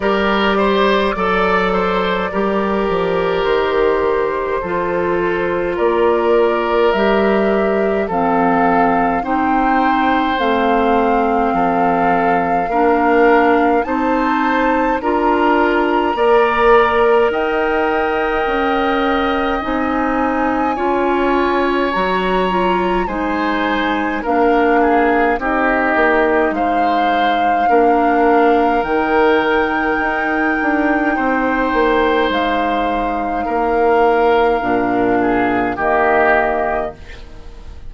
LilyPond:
<<
  \new Staff \with { instrumentName = "flute" } { \time 4/4 \tempo 4 = 52 d''2. c''4~ | c''4 d''4 e''4 f''4 | g''4 f''2. | a''4 ais''2 g''4~ |
g''4 gis''2 ais''4 | gis''4 f''4 dis''4 f''4~ | f''4 g''2. | f''2. dis''4 | }
  \new Staff \with { instrumentName = "oboe" } { \time 4/4 ais'8 c''8 d''8 c''8 ais'2 | a'4 ais'2 a'4 | c''2 a'4 ais'4 | c''4 ais'4 d''4 dis''4~ |
dis''2 cis''2 | c''4 ais'8 gis'8 g'4 c''4 | ais'2. c''4~ | c''4 ais'4. gis'8 g'4 | }
  \new Staff \with { instrumentName = "clarinet" } { \time 4/4 g'4 a'4 g'2 | f'2 g'4 c'4 | dis'4 c'2 d'4 | dis'4 f'4 ais'2~ |
ais'4 dis'4 f'4 fis'8 f'8 | dis'4 d'4 dis'2 | d'4 dis'2.~ | dis'2 d'4 ais4 | }
  \new Staff \with { instrumentName = "bassoon" } { \time 4/4 g4 fis4 g8 f8 dis4 | f4 ais4 g4 f4 | c'4 a4 f4 ais4 | c'4 d'4 ais4 dis'4 |
cis'4 c'4 cis'4 fis4 | gis4 ais4 c'8 ais8 gis4 | ais4 dis4 dis'8 d'8 c'8 ais8 | gis4 ais4 ais,4 dis4 | }
>>